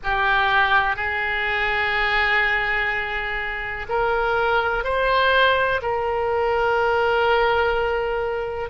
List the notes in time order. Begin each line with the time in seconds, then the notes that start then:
0.03 G4
0.95 G#4
3.88 A#4
4.83 C5
5.82 A#4